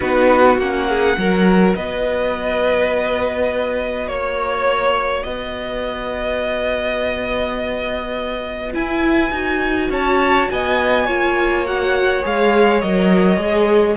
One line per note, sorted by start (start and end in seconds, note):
0.00 0.58 B3
0.00 0.58 D#4
0.00 0.87 F#4
0.00 0.57 B4
0.58 1.16 A#3
0.58 1.18 C#4
0.58 1.75 F#5
0.89 1.18 G#4
1.17 1.75 F#3
1.17 8.73 F#4
1.17 1.76 A#4
1.75 4.07 B3
1.75 4.09 B4
1.75 4.08 D#5
4.07 5.23 A#3
4.07 5.23 C#5
4.07 5.26 C#5
5.23 8.74 B3
5.23 9.91 B4
5.23 8.72 D#5
8.73 9.31 E4
8.73 9.91 G#5
9.31 9.89 D#4
9.31 11.07 F#4
9.89 10.47 C#4
9.89 10.49 C#5
9.89 10.50 A5
10.50 11.07 B3
10.50 11.05 D#5
10.50 11.66 G#5
11.05 12.24 A#3
11.05 11.65 F4
11.05 13.96 C#5
11.65 12.22 F#4
11.65 12.24 F#5
12.22 12.82 G#3
12.22 12.80 G#4
12.22 12.81 F5
12.81 13.37 F#3
12.81 13.37 A#4
12.81 13.96 D#5
13.37 13.95 G#3
13.37 13.96 G#4